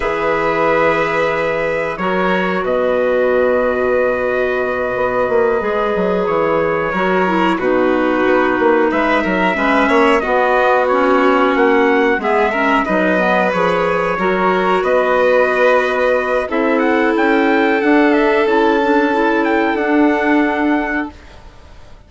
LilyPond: <<
  \new Staff \with { instrumentName = "trumpet" } { \time 4/4 \tempo 4 = 91 e''2. cis''4 | dis''1~ | dis''4. cis''2 b'8~ | b'4. e''2 dis''8~ |
dis''8 cis''4 fis''4 e''4 dis''8~ | dis''8 cis''2 dis''4.~ | dis''4 e''8 fis''8 g''4 fis''8 e''8 | a''4. g''8 fis''2 | }
  \new Staff \with { instrumentName = "violin" } { \time 4/4 b'2. ais'4 | b'1~ | b'2~ b'8 ais'4 fis'8~ | fis'4. b'8 ais'8 b'8 cis''8 fis'8~ |
fis'2~ fis'8 gis'8 ais'8 b'8~ | b'4. ais'4 b'4.~ | b'4 a'2.~ | a'1 | }
  \new Staff \with { instrumentName = "clarinet" } { \time 4/4 gis'2. fis'4~ | fis'1~ | fis'8 gis'2 fis'8 e'8 dis'8~ | dis'2~ dis'8 cis'4 b8~ |
b8 cis'2 b8 cis'8 dis'8 | b8 gis'4 fis'2~ fis'8~ | fis'4 e'2 d'4 | e'8 d'8 e'4 d'2 | }
  \new Staff \with { instrumentName = "bassoon" } { \time 4/4 e2. fis4 | b,2.~ b,8 b8 | ais8 gis8 fis8 e4 fis4 b,8~ | b,8 b8 ais8 gis8 fis8 gis8 ais8 b8~ |
b4. ais4 gis4 fis8~ | fis8 f4 fis4 b4.~ | b4 c'4 cis'4 d'4 | cis'2 d'2 | }
>>